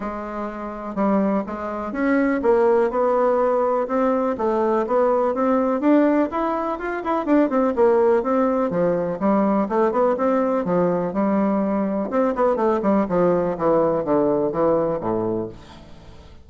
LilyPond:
\new Staff \with { instrumentName = "bassoon" } { \time 4/4 \tempo 4 = 124 gis2 g4 gis4 | cis'4 ais4 b2 | c'4 a4 b4 c'4 | d'4 e'4 f'8 e'8 d'8 c'8 |
ais4 c'4 f4 g4 | a8 b8 c'4 f4 g4~ | g4 c'8 b8 a8 g8 f4 | e4 d4 e4 a,4 | }